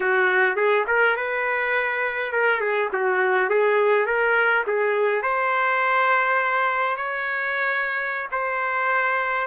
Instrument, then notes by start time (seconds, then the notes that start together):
trumpet
0.00 F#4
0.56 G#4
0.87 A#4
1.16 B4
2.32 A#4
2.60 G#4
2.92 F#4
3.49 G#4
4.05 A#4
4.67 G#4
5.22 C5
6.96 C#5
8.31 C5